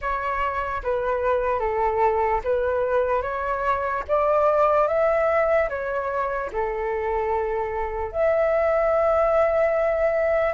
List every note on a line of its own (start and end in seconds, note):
0.01 0.82 C#5
0.83 1.59 B4
1.59 2.40 A4
2.44 3.22 B4
3.22 4.03 C#5
4.08 4.87 D5
4.87 5.68 E5
5.69 6.50 C#5
6.52 8.12 A4
8.12 10.54 E5